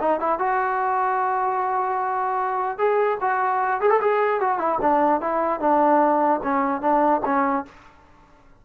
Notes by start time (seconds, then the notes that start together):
0.00 D#4
0.20 E4
0.39 F#4
2.78 G#4
3.21 F#4
3.81 G#4
3.90 A4
4.01 G#4
4.41 F#4
4.58 E4
4.81 D4
5.21 E4
5.60 D4
6.43 C#4
6.81 D4
7.25 C#4